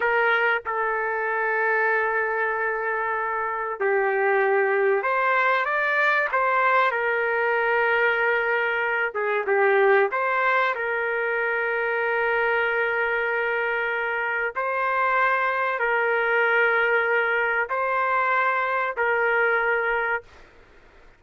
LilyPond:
\new Staff \with { instrumentName = "trumpet" } { \time 4/4 \tempo 4 = 95 ais'4 a'2.~ | a'2 g'2 | c''4 d''4 c''4 ais'4~ | ais'2~ ais'8 gis'8 g'4 |
c''4 ais'2.~ | ais'2. c''4~ | c''4 ais'2. | c''2 ais'2 | }